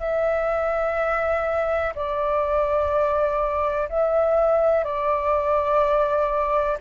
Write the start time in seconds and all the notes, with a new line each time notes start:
0.00 E5
1.96 D5
3.89 E5
4.85 D5